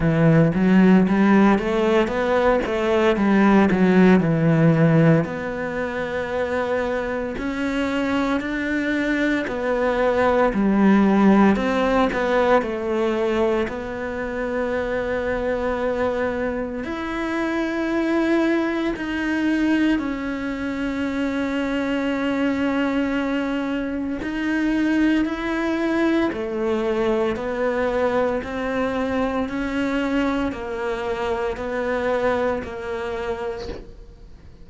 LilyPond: \new Staff \with { instrumentName = "cello" } { \time 4/4 \tempo 4 = 57 e8 fis8 g8 a8 b8 a8 g8 fis8 | e4 b2 cis'4 | d'4 b4 g4 c'8 b8 | a4 b2. |
e'2 dis'4 cis'4~ | cis'2. dis'4 | e'4 a4 b4 c'4 | cis'4 ais4 b4 ais4 | }